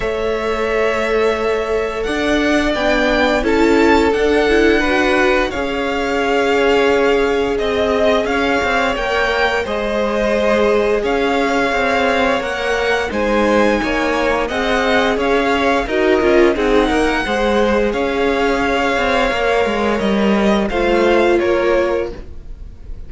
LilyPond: <<
  \new Staff \with { instrumentName = "violin" } { \time 4/4 \tempo 4 = 87 e''2. fis''4 | g''4 a''4 fis''2 | f''2. dis''4 | f''4 g''4 dis''2 |
f''2 fis''4 gis''4~ | gis''4 fis''4 f''4 dis''4 | fis''2 f''2~ | f''4 dis''4 f''4 cis''4 | }
  \new Staff \with { instrumentName = "violin" } { \time 4/4 cis''2. d''4~ | d''4 a'2 b'4 | cis''2. dis''4 | cis''2 c''2 |
cis''2. c''4 | cis''4 dis''4 cis''4 ais'4 | gis'8 ais'8 c''4 cis''2~ | cis''2 c''4 ais'4 | }
  \new Staff \with { instrumentName = "viola" } { \time 4/4 a'1 | d'4 e'4 d'8 e'8 fis'4 | gis'1~ | gis'4 ais'4 gis'2~ |
gis'2 ais'4 dis'4~ | dis'4 gis'2 fis'8 f'8 | dis'4 gis'2. | ais'2 f'2 | }
  \new Staff \with { instrumentName = "cello" } { \time 4/4 a2. d'4 | b4 cis'4 d'2 | cis'2. c'4 | cis'8 c'8 ais4 gis2 |
cis'4 c'4 ais4 gis4 | ais4 c'4 cis'4 dis'8 cis'8 | c'8 ais8 gis4 cis'4. c'8 | ais8 gis8 g4 a4 ais4 | }
>>